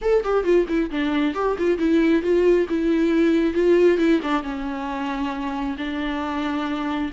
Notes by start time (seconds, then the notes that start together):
0.01 A4
0.23 G4
0.43 F4
0.68 E4
0.90 D4
1.34 G4
1.58 F4
1.78 E4
2.22 F4
2.69 E4
3.54 F4
3.98 E4
4.22 D4
4.42 C#4
5.77 D4